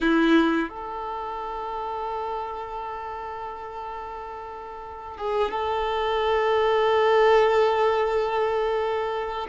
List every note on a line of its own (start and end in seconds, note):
0.00 0.69 E4
0.69 5.17 A4
5.17 5.50 G#4
5.50 9.47 A4